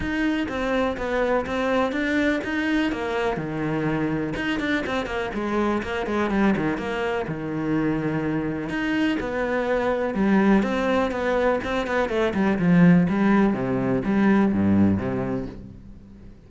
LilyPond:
\new Staff \with { instrumentName = "cello" } { \time 4/4 \tempo 4 = 124 dis'4 c'4 b4 c'4 | d'4 dis'4 ais4 dis4~ | dis4 dis'8 d'8 c'8 ais8 gis4 | ais8 gis8 g8 dis8 ais4 dis4~ |
dis2 dis'4 b4~ | b4 g4 c'4 b4 | c'8 b8 a8 g8 f4 g4 | c4 g4 g,4 c4 | }